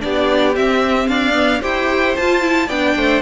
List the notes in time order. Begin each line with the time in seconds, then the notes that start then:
0.00 B3 D4 G4 D5
0.54 C4 E5
1.08 D4 D5 F5
1.33 B3
1.60 E4 G4 C5 G5
2.16 F4 A5
2.41 E4
2.67 B3 D4 D5 G5
2.96 A3 C5